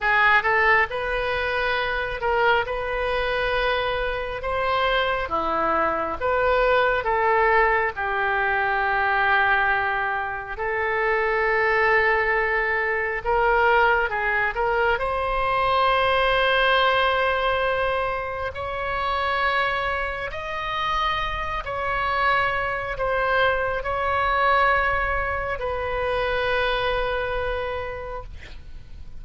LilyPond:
\new Staff \with { instrumentName = "oboe" } { \time 4/4 \tempo 4 = 68 gis'8 a'8 b'4. ais'8 b'4~ | b'4 c''4 e'4 b'4 | a'4 g'2. | a'2. ais'4 |
gis'8 ais'8 c''2.~ | c''4 cis''2 dis''4~ | dis''8 cis''4. c''4 cis''4~ | cis''4 b'2. | }